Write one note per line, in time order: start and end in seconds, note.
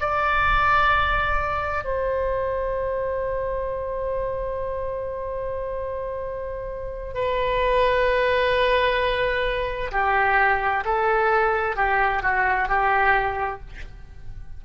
0.00 1.84 D5
1.84 7.14 C5
7.14 9.91 B4
9.91 10.84 G4
10.85 11.76 A4
11.76 12.22 G4
12.22 12.68 F#4
12.68 13.60 G4